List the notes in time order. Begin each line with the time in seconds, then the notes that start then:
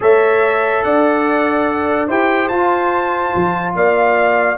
0.00 A3 A4 C#5 E5
0.83 D4 D5 F#5
2.07 E4 G4 C5 G5
2.48 F4 A5
3.35 F3
3.75 A#3 D5 F5